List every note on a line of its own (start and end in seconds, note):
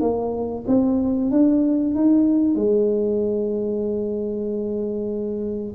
0.00 0.64 A#3
0.67 1.30 C4
1.30 1.94 D4
1.94 2.55 D#4
2.55 5.74 G#3